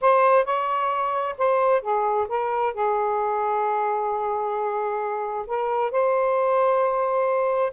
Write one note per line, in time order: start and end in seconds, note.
0.01 0.44 C5
0.44 1.35 C#5
1.38 1.81 C5
1.81 2.27 G#4
2.28 2.73 A#4
2.73 5.46 G#4
5.46 5.91 A#4
5.91 7.73 C5